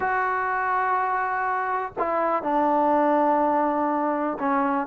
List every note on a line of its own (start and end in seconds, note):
0.00 1.92 F#4
1.98 2.43 E4
2.43 4.38 D4
4.39 4.87 C#4